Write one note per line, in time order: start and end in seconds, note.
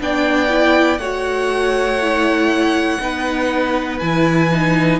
0.00 0.98 B3
0.00 0.49 D4
0.00 1.00 D5
0.00 0.98 G5
0.49 0.99 E4
0.98 2.98 A3
0.98 2.01 F#4
0.98 3.00 C#5
0.98 3.98 F#5
2.01 3.00 E4
3.00 4.00 B3
3.00 4.00 D#4
3.00 4.99 B4
3.98 4.99 E3
3.98 4.51 E4
3.98 4.98 G#5
4.52 4.99 D#4